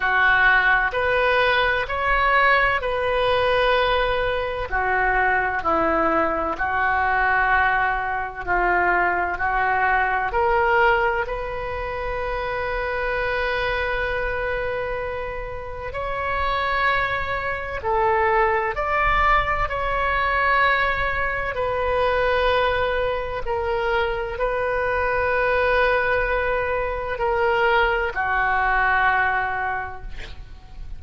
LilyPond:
\new Staff \with { instrumentName = "oboe" } { \time 4/4 \tempo 4 = 64 fis'4 b'4 cis''4 b'4~ | b'4 fis'4 e'4 fis'4~ | fis'4 f'4 fis'4 ais'4 | b'1~ |
b'4 cis''2 a'4 | d''4 cis''2 b'4~ | b'4 ais'4 b'2~ | b'4 ais'4 fis'2 | }